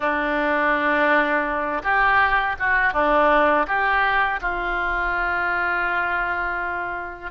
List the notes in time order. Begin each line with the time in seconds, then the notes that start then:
0.00 D4
1.83 G4
2.59 F#4
2.93 D4
3.67 G4
4.41 F4